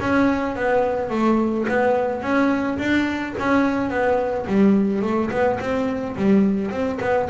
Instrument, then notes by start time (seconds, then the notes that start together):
double bass
0.00 C#4
0.56 B3
1.10 A3
1.68 B3
2.22 C#4
2.79 D4
3.39 C#4
3.90 B3
4.47 G3
5.02 A3
5.31 B3
5.60 C4
6.17 G3
6.71 C4
7.01 B3